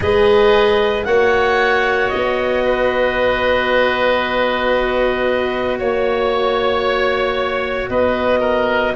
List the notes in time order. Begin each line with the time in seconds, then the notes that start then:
0.00 G#3 G#4 B4 D#5
1.04 A#3 F#4 C#5 F#5
2.09 B3 D#5
2.64 B4
5.79 A#3 C#5
7.89 B3 B4 D#5
8.39 A#4